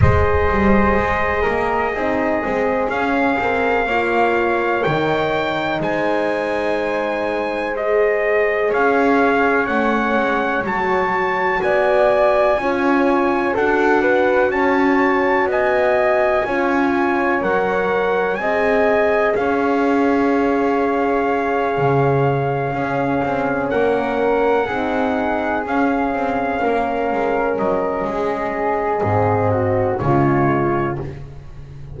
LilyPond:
<<
  \new Staff \with { instrumentName = "trumpet" } { \time 4/4 \tempo 4 = 62 dis''2. f''4~ | f''4 g''4 gis''2 | dis''4 f''4 fis''4 a''4 | gis''2 fis''4 a''4 |
gis''2 fis''4 gis''4 | f''1~ | f''8 fis''2 f''4.~ | f''8 dis''2~ dis''8 cis''4 | }
  \new Staff \with { instrumentName = "flute" } { \time 4/4 c''4. ais'8 gis'2 | cis''2 c''2~ | c''4 cis''2. | d''4 cis''4 a'8 b'8 cis''4 |
dis''4 cis''2 dis''4 | cis''2.~ cis''8 gis'8~ | gis'8 ais'4 gis'2 ais'8~ | ais'4 gis'4. fis'8 f'4 | }
  \new Staff \with { instrumentName = "horn" } { \time 4/4 gis'2 dis'8 c'8 cis'8 ais'8 | f'4 dis'2. | gis'2 cis'4 fis'4~ | fis'4 f'4 fis'2~ |
fis'4 f'4 ais'4 gis'4~ | gis'2.~ gis'8 cis'8~ | cis'4. dis'4 cis'4.~ | cis'2 c'4 gis4 | }
  \new Staff \with { instrumentName = "double bass" } { \time 4/4 gis8 g8 gis8 ais8 c'8 gis8 cis'8 c'8 | ais4 dis4 gis2~ | gis4 cis'4 a8 gis8 fis4 | b4 cis'4 d'4 cis'4 |
b4 cis'4 fis4 c'4 | cis'2~ cis'8 cis4 cis'8 | c'8 ais4 c'4 cis'8 c'8 ais8 | gis8 fis8 gis4 gis,4 cis4 | }
>>